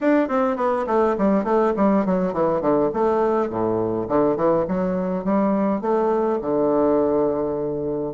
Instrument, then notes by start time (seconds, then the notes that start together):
bassoon
0.00 D4
0.28 C4
0.56 B3
0.87 A3
1.18 G3
1.44 A3
1.76 G3
2.05 F#3
2.33 E3
2.61 D3
2.93 A3
3.50 A2
4.08 D3
4.36 E3
4.68 F#3
5.24 G3
5.81 A3
6.41 D3